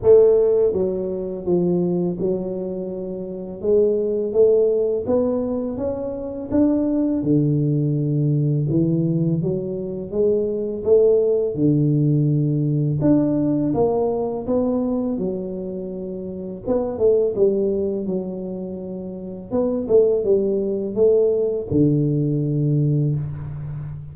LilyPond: \new Staff \with { instrumentName = "tuba" } { \time 4/4 \tempo 4 = 83 a4 fis4 f4 fis4~ | fis4 gis4 a4 b4 | cis'4 d'4 d2 | e4 fis4 gis4 a4 |
d2 d'4 ais4 | b4 fis2 b8 a8 | g4 fis2 b8 a8 | g4 a4 d2 | }